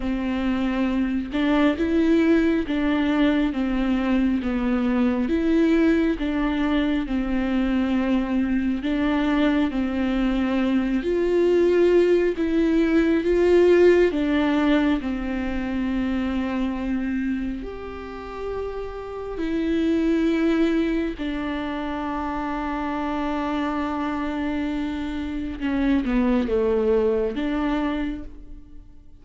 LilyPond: \new Staff \with { instrumentName = "viola" } { \time 4/4 \tempo 4 = 68 c'4. d'8 e'4 d'4 | c'4 b4 e'4 d'4 | c'2 d'4 c'4~ | c'8 f'4. e'4 f'4 |
d'4 c'2. | g'2 e'2 | d'1~ | d'4 cis'8 b8 a4 d'4 | }